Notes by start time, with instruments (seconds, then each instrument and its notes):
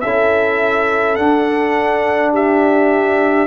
0.00 tuba C#4, trombone E4, horn A4, trumpet E5
1.15 tuba D4, trombone D4, trumpet F#5
2.32 horn G4, trumpet E5